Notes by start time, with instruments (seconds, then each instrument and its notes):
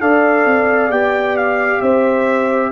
0.00 tuba D4, trombone A4, horn D5, trumpet F5
0.45 tuba C4
0.89 tuba B3, trombone G4, trumpet G5
1.37 trumpet F5
1.81 tuba C4, horn C5, trumpet E5